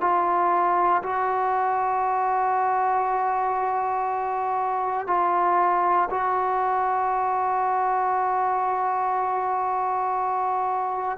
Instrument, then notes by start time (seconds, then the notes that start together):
trombone
0.00 F4
1.02 F#4
5.07 F4
6.10 F#4